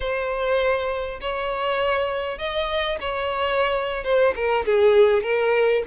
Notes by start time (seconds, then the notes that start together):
0.00 C5
1.21 C#5
2.38 D#5
3.00 C#5
4.04 C5
4.35 A#4
4.65 G#4
5.23 A#4